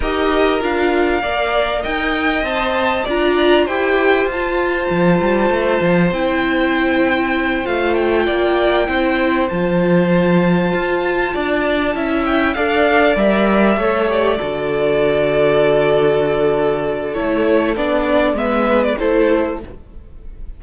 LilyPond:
<<
  \new Staff \with { instrumentName = "violin" } { \time 4/4 \tempo 4 = 98 dis''4 f''2 g''4 | a''4 ais''4 g''4 a''4~ | a''2 g''2~ | g''8 f''8 g''2~ g''8 a''8~ |
a''1 | g''8 f''4 e''4. d''4~ | d''1 | cis''4 d''4 e''8. d''16 c''4 | }
  \new Staff \with { instrumentName = "violin" } { \time 4/4 ais'2 d''4 dis''4~ | dis''4 d''4 c''2~ | c''1~ | c''4. d''4 c''4.~ |
c''2~ c''8 d''4 e''8~ | e''8 d''2 cis''4 a'8~ | a'1~ | a'2 b'4 a'4 | }
  \new Staff \with { instrumentName = "viola" } { \time 4/4 g'4 f'4 ais'2 | c''4 f'4 g'4 f'4~ | f'2 e'2~ | e'8 f'2 e'4 f'8~ |
f'2.~ f'8 e'8~ | e'8 a'4 ais'4 a'8 g'8 fis'8~ | fis'1 | e'4 d'4 b4 e'4 | }
  \new Staff \with { instrumentName = "cello" } { \time 4/4 dis'4 d'4 ais4 dis'4 | c'4 d'4 e'4 f'4 | f8 g8 a8 f8 c'2~ | c'8 a4 ais4 c'4 f8~ |
f4. f'4 d'4 cis'8~ | cis'8 d'4 g4 a4 d8~ | d1 | a4 b4 gis4 a4 | }
>>